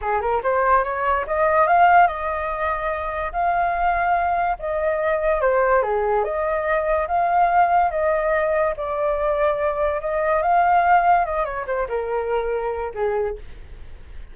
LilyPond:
\new Staff \with { instrumentName = "flute" } { \time 4/4 \tempo 4 = 144 gis'8 ais'8 c''4 cis''4 dis''4 | f''4 dis''2. | f''2. dis''4~ | dis''4 c''4 gis'4 dis''4~ |
dis''4 f''2 dis''4~ | dis''4 d''2. | dis''4 f''2 dis''8 cis''8 | c''8 ais'2~ ais'8 gis'4 | }